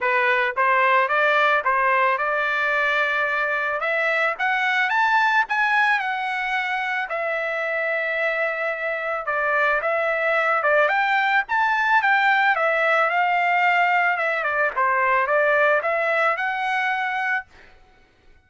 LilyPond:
\new Staff \with { instrumentName = "trumpet" } { \time 4/4 \tempo 4 = 110 b'4 c''4 d''4 c''4 | d''2. e''4 | fis''4 a''4 gis''4 fis''4~ | fis''4 e''2.~ |
e''4 d''4 e''4. d''8 | g''4 a''4 g''4 e''4 | f''2 e''8 d''8 c''4 | d''4 e''4 fis''2 | }